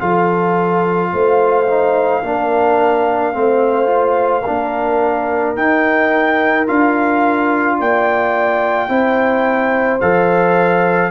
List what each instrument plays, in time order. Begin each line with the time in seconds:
0.00 tuba F3, trombone F4, horn A4, trumpet F5
1.13 tuba A3, horn C5
1.68 trombone D#4
2.23 tuba A#3, trombone D4, horn A#4
3.34 tuba A3, trombone C4, horn C5
3.87 trombone F4
4.43 tuba A#3, trombone D4, horn A#4
5.56 trombone D#4, tuba D#4, trumpet G5
6.67 tuba D4, trombone F4, trumpet F5
7.79 tuba A#3, horn D5, trumpet G5
8.89 tuba C4, trombone E4, horn C5
10.01 tuba F3, trombone A4, trumpet F5